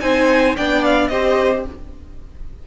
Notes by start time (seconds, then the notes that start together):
0.00 C4 D#4 C5 G#5
0.57 B3 D4 D5 G5
0.84 F5
1.08 C4 G4 C5 D#5